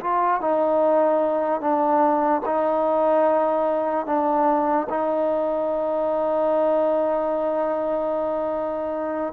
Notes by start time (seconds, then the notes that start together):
0.00 F4
0.40 D#4
1.60 D4
2.45 D#4
4.06 D4
4.89 D#4